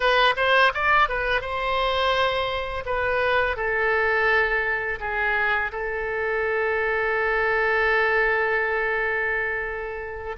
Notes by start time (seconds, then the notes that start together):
0.00 B4
0.36 C5
0.73 D5
1.08 B4
1.41 C5
2.85 B4
3.56 A4
5.00 G#4
5.71 A4